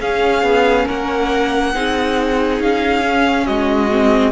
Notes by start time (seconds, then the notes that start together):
0.00 C#4 G#4 F5
0.43 B3
0.85 A#3 A#4 F#5
1.74 C4 D#4 G#4
2.60 C#4 F5
3.02 C#4
3.46 G#3 F#4 D#5
3.91 C4